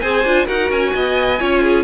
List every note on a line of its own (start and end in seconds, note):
0.00 0.24 C4
0.00 0.25 G#4
0.00 0.45 C5
0.00 0.46 G#5
0.24 0.47 D4
0.24 0.46 F4
0.45 0.70 D#4
0.45 1.37 F#4
0.45 0.91 A#4
0.45 0.71 F#5
0.70 0.93 C#4
0.70 1.83 G#5
0.95 1.41 B3
0.95 1.40 D#5
1.40 1.83 C#4
1.40 1.83 F4
1.40 1.61 C#5
1.61 1.83 G#4